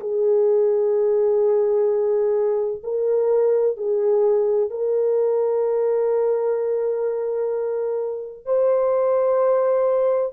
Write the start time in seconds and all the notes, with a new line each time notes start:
0.00 G#4
2.83 A#4
3.77 G#4
4.70 A#4
8.45 C5